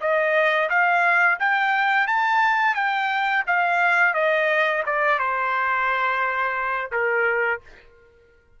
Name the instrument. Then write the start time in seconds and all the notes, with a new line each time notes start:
trumpet
0.00 D#5
0.69 F5
1.39 G5
2.07 A5
2.74 G5
3.46 F5
4.14 D#5
4.86 D5
5.18 C5
6.91 A#4